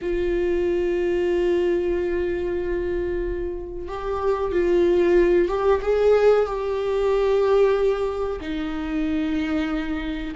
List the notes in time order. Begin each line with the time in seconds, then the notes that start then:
0.01 F4
3.87 G4
4.52 F4
5.48 G4
5.81 G#4
6.46 G4
8.40 D#4